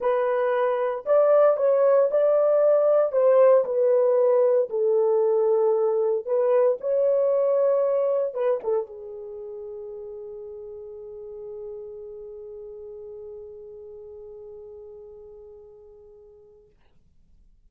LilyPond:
\new Staff \with { instrumentName = "horn" } { \time 4/4 \tempo 4 = 115 b'2 d''4 cis''4 | d''2 c''4 b'4~ | b'4 a'2. | b'4 cis''2. |
b'8 a'8 gis'2.~ | gis'1~ | gis'1~ | gis'1 | }